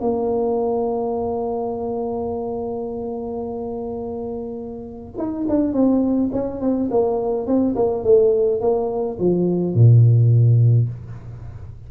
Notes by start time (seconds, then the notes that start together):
0.00 A#3
5.17 D#4
5.48 D4
5.72 C4
6.32 C#4
6.61 C4
6.90 A#3
7.46 C4
7.75 A#3
8.03 A3
8.61 A#3
9.19 F3
9.74 A#2